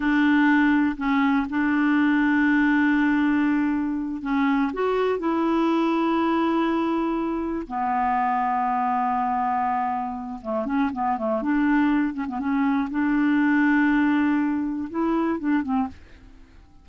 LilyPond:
\new Staff \with { instrumentName = "clarinet" } { \time 4/4 \tempo 4 = 121 d'2 cis'4 d'4~ | d'1~ | d'8 cis'4 fis'4 e'4.~ | e'2.~ e'8 b8~ |
b1~ | b4 a8 cis'8 b8 a8 d'4~ | d'8 cis'16 b16 cis'4 d'2~ | d'2 e'4 d'8 c'8 | }